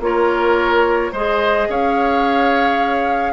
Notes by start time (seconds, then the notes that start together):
0.00 A#3 F4 A#4 C#5
1.12 G#3 G#4 C5 D#5
1.69 C#4 C#5 F5